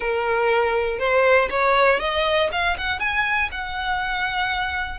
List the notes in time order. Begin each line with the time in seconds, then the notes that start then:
0.00 A#4
0.98 C5
1.50 C#5
1.99 D#5
2.51 F5
2.77 F#5
2.99 G#5
3.51 F#5